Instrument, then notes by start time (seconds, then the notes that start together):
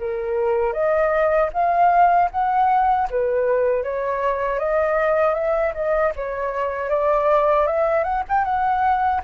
flute
0.00 A#4
0.73 D#5
1.53 F5
2.31 F#5
3.10 B4
3.84 C#5
4.59 D#5
5.35 E5
5.74 D#5
6.16 C#5
6.90 D5
7.67 E5
8.04 F#5
8.29 G5
8.45 F#5